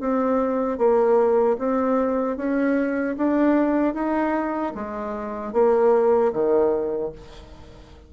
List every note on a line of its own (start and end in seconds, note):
0.00 0.78 C4
0.78 1.57 A#3
1.59 2.37 C4
2.37 3.16 C#4
3.17 3.94 D4
3.94 4.73 D#4
4.75 5.53 G#3
5.53 6.32 A#3
6.33 7.12 D#3